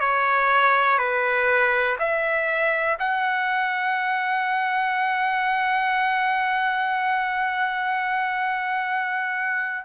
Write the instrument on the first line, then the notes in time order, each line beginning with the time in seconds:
trumpet
0.00 C#5
0.98 B4
1.99 E5
2.99 F#5